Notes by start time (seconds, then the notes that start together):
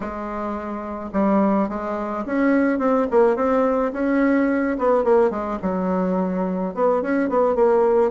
0.00 G#3
1.12 G3
1.68 G#3
2.25 C#4
2.78 C4
3.10 A#3
3.36 C4
3.93 C#4
4.78 B3
5.03 A#3
5.30 G#3
5.62 F#3
6.74 B3
7.02 C#4
7.29 B3
7.55 A#3